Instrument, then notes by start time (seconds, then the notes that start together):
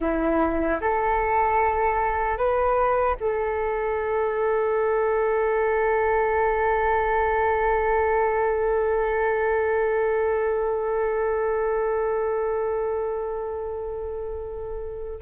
flute
0.00 E4
0.80 A4
2.37 B4
3.19 A4